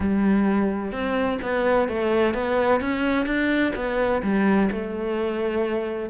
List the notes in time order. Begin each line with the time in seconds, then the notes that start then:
0.00 G3
0.91 C4
1.42 B3
1.88 A3
2.34 B3
2.80 C#4
3.26 D4
3.75 B3
4.22 G3
4.71 A3